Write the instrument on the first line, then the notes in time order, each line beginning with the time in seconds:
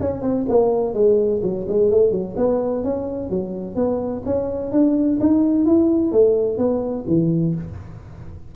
tuba
0.00 C#4
0.21 C4
0.48 A#3
0.93 G#3
1.42 F#3
1.68 G#3
1.90 A3
2.11 F#3
2.36 B3
2.84 C#4
3.29 F#3
3.75 B3
4.25 C#4
4.72 D4
5.20 D#4
5.65 E4
6.12 A3
6.57 B3
7.07 E3